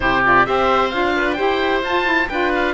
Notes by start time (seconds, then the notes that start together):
0.00 C3 E4 G4 C5
0.23 F4 D5
0.45 C4 G4 C5 E5
0.89 D4 F4 F5
1.16 B4
1.33 G4 C5 G5
1.39 E4
1.83 F4 A5
2.04 E4
2.28 D4 F4 B4 G5
2.55 F5